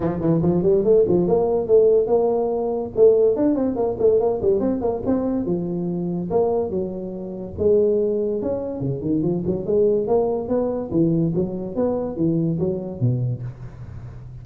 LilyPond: \new Staff \with { instrumentName = "tuba" } { \time 4/4 \tempo 4 = 143 f8 e8 f8 g8 a8 f8 ais4 | a4 ais2 a4 | d'8 c'8 ais8 a8 ais8 g8 c'8 ais8 | c'4 f2 ais4 |
fis2 gis2 | cis'4 cis8 dis8 f8 fis8 gis4 | ais4 b4 e4 fis4 | b4 e4 fis4 b,4 | }